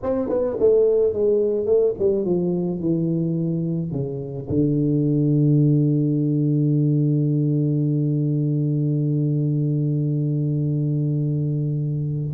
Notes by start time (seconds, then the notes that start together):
0.02 C4
0.28 B3
0.59 A3
1.13 G#3
1.65 A3
1.98 G3
2.24 F3
2.80 E3
3.91 C#3
4.49 D3